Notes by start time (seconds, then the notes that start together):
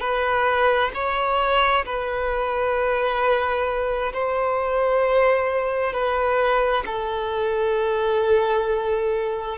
0.00 B4
0.94 C#5
1.85 B4
4.13 C5
5.93 B4
6.86 A4